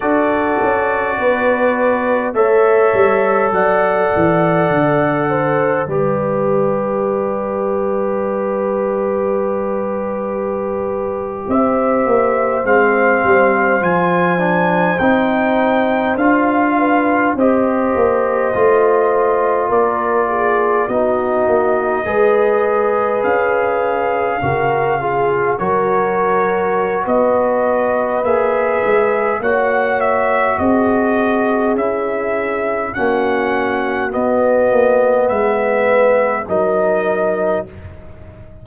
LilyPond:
<<
  \new Staff \with { instrumentName = "trumpet" } { \time 4/4 \tempo 4 = 51 d''2 e''4 fis''4~ | fis''4 d''2.~ | d''4.~ d''16 e''4 f''4 gis''16~ | gis''8. g''4 f''4 dis''4~ dis''16~ |
dis''8. d''4 dis''2 f''16~ | f''4.~ f''16 cis''4~ cis''16 dis''4 | e''4 fis''8 e''8 dis''4 e''4 | fis''4 dis''4 e''4 dis''4 | }
  \new Staff \with { instrumentName = "horn" } { \time 4/4 a'4 b'4 cis''4 d''4~ | d''8 c''8 b'2.~ | b'4.~ b'16 c''2~ c''16~ | c''2~ c''16 b'8 c''4~ c''16~ |
c''8. ais'8 gis'8 fis'4 b'4~ b'16~ | b'8. ais'8 gis'8 ais'4~ ais'16 b'4~ | b'4 cis''4 gis'2 | fis'2 b'4 ais'4 | }
  \new Staff \with { instrumentName = "trombone" } { \time 4/4 fis'2 a'2~ | a'4 g'2.~ | g'2~ g'8. c'4 f'16~ | f'16 d'8 dis'4 f'4 g'4 f'16~ |
f'4.~ f'16 dis'4 gis'4~ gis'16~ | gis'8. fis'8 f'8 fis'2~ fis'16 | gis'4 fis'2 e'4 | cis'4 b2 dis'4 | }
  \new Staff \with { instrumentName = "tuba" } { \time 4/4 d'8 cis'8 b4 a8 g8 fis8 e8 | d4 g2.~ | g4.~ g16 c'8 ais8 gis8 g8 f16~ | f8. c'4 d'4 c'8 ais8 a16~ |
a8. ais4 b8 ais8 gis4 cis'16~ | cis'8. cis4 fis4~ fis16 b4 | ais8 gis8 ais4 c'4 cis'4 | ais4 b8 ais8 gis4 fis4 | }
>>